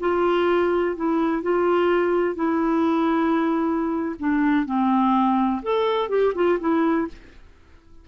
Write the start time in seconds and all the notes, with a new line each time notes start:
0.00 F4
0.96 E4
1.43 F4
2.36 E4
4.19 D4
4.66 C4
5.63 A4
6.09 G4
6.35 F4
6.60 E4